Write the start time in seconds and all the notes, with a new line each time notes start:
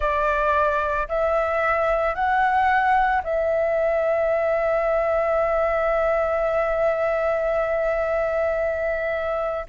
0.00 D5
1.08 E5
2.14 F#5
3.23 E5